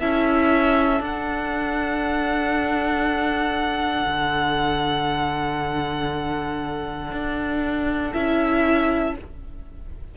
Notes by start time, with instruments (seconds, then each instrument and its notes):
0.00 cello C#4, viola E4, violin A4 E5
1.01 cello D4, viola D4, violin F#5
4.08 cello D3
7.12 cello D4
8.13 cello C#4, viola E4, violin E5